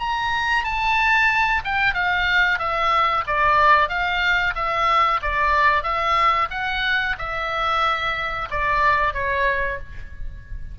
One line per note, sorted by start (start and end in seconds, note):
0.00 0.65 A#5
0.65 1.62 A5
1.65 1.94 G5
1.94 2.59 F5
2.59 3.24 E5
3.27 3.89 D5
3.89 4.54 F5
4.56 5.21 E5
5.22 5.84 D5
5.84 6.49 E5
6.51 7.16 F#5
7.19 8.49 E5
8.51 9.14 D5
9.14 9.79 C#5